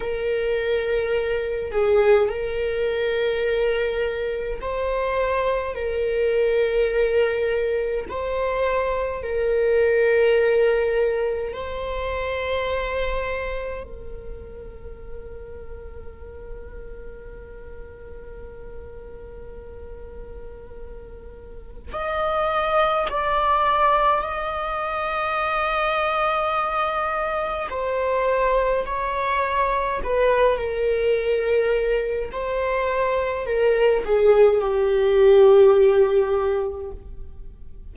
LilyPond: \new Staff \with { instrumentName = "viola" } { \time 4/4 \tempo 4 = 52 ais'4. gis'8 ais'2 | c''4 ais'2 c''4 | ais'2 c''2 | ais'1~ |
ais'2. dis''4 | d''4 dis''2. | c''4 cis''4 b'8 ais'4. | c''4 ais'8 gis'8 g'2 | }